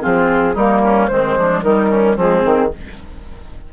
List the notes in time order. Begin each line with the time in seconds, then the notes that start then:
0.00 F3 C4 F4 G#4
0.54 G3 A#3 D#4 A#4
0.83 C#4
1.08 D#3 G#3 C4 C5
1.38 F3 D4
1.63 D#3 G3 D#4 A#4
1.90 C#4
2.16 F3 G#3 C4 G#4
2.41 D#3 C4